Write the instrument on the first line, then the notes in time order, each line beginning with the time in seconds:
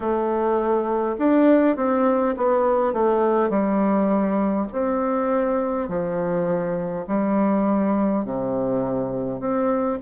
bassoon
0.00 A3
1.18 D4
1.76 C4
2.36 B3
2.93 A3
3.49 G3
4.72 C4
5.88 F3
7.06 G3
8.24 C3
9.40 C4